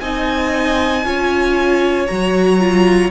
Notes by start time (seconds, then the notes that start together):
0.00 C4 D#4 D#5 G#5
1.04 C#4 F4 C#5
2.06 F#3 F#4 A#5
2.59 F4